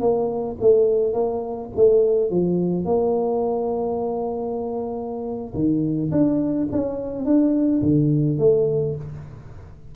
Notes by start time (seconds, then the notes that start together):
0.00 A#3
0.60 A3
1.13 A#3
1.76 A3
2.30 F3
2.85 A#3
5.54 D#3
6.11 D4
6.72 C#4
7.25 D4
7.82 D3
8.39 A3